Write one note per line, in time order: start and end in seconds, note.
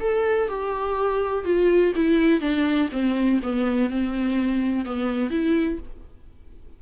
0.00 0.48 A4
0.48 1.45 G4
1.45 1.93 F4
1.95 2.41 E4
2.41 2.89 D4
2.92 3.40 C4
3.42 3.90 B3
3.90 4.85 C4
4.85 5.30 B3
5.30 5.78 E4